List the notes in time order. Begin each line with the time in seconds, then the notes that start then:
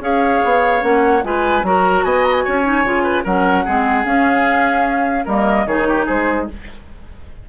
0.00 C#4 G#4 C#5 F5
0.45 B3
0.81 A#3 C#4 F#5
1.24 G#3 F4 B4 G#5
1.63 F#3 F#4 A#4 A#5
2.04 B3 D#5 G#5
2.24 A#5
2.33 G#5
2.44 C#4 C#5
2.64 D#4
2.85 C#3 F4
3.03 B4
3.24 F#3 C#4 A#4 F#5
3.65 G#3 C4 G#4
4.05 C#4 F5
5.25 G3 A#3 A#4 D#5
5.66 D#3 D#4 G#4 C#5
5.88 G4
6.06 G#3 G#4 C5